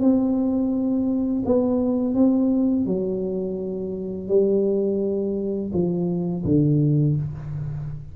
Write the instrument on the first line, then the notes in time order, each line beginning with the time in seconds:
tuba
0.00 C4
1.45 B3
2.14 C4
2.85 F#3
4.28 G3
5.73 F3
6.44 D3